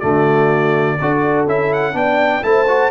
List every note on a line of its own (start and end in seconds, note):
0.00 1.00 D3
0.00 0.98 A3
0.00 0.98 F#4
0.00 1.45 D5
1.01 1.47 D4
1.01 1.48 F#4
1.01 1.95 A4
1.47 1.94 C#4
1.47 1.94 E4
1.47 1.73 E5
1.73 1.97 F#5
1.94 2.43 B3
1.94 2.42 D4
1.94 2.43 D5
1.94 2.44 G5
2.42 2.91 A3
2.42 2.66 E4
2.42 2.91 C5
2.42 2.91 A5
2.68 2.91 F#4